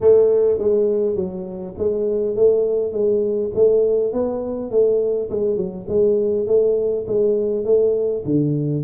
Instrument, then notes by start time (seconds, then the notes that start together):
tuba
0.01 A3
0.58 G#3
1.15 F#3
1.78 G#3
2.35 A3
2.92 G#3
3.55 A3
4.12 B3
4.71 A3
5.29 G#3
5.56 F#3
5.88 G#3
6.47 A3
7.07 G#3
7.64 A3
8.25 D3